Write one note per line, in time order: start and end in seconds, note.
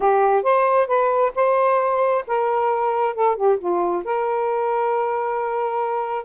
0.00 0.43 G4
0.43 0.87 C5
0.87 1.32 B4
1.35 2.24 C5
2.27 3.14 A#4
3.14 3.36 A4
3.36 3.58 G4
3.58 4.03 F4
4.04 6.25 A#4